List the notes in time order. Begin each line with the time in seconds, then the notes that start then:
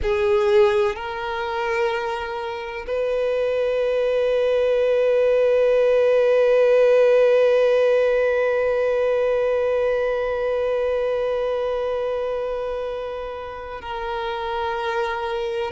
0.02 G#4
0.95 A#4
2.86 B4
13.81 A#4